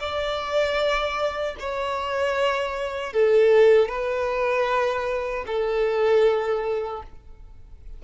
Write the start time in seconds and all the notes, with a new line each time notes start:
0.00 D5
1.59 C#5
3.13 A4
3.89 B4
5.47 A4